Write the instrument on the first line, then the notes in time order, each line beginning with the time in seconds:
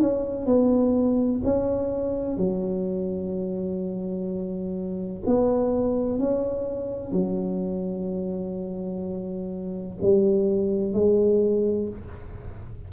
tuba
0.00 C#4
0.46 B3
1.44 C#4
2.37 F#3
5.26 B3
6.19 C#4
7.12 F#3
10.02 G3
10.94 G#3